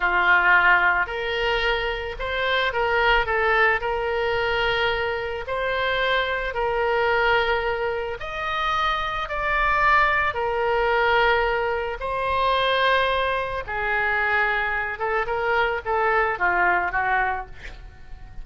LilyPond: \new Staff \with { instrumentName = "oboe" } { \time 4/4 \tempo 4 = 110 f'2 ais'2 | c''4 ais'4 a'4 ais'4~ | ais'2 c''2 | ais'2. dis''4~ |
dis''4 d''2 ais'4~ | ais'2 c''2~ | c''4 gis'2~ gis'8 a'8 | ais'4 a'4 f'4 fis'4 | }